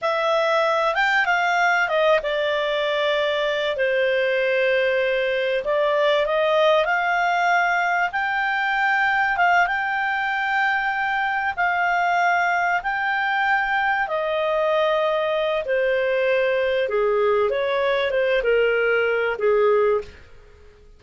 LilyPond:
\new Staff \with { instrumentName = "clarinet" } { \time 4/4 \tempo 4 = 96 e''4. g''8 f''4 dis''8 d''8~ | d''2 c''2~ | c''4 d''4 dis''4 f''4~ | f''4 g''2 f''8 g''8~ |
g''2~ g''8 f''4.~ | f''8 g''2 dis''4.~ | dis''4 c''2 gis'4 | cis''4 c''8 ais'4. gis'4 | }